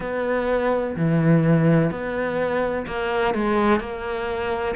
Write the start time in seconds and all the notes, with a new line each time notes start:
0.00 B3
0.95 E3
1.90 B3
2.86 A#3
3.34 G#3
3.80 A#3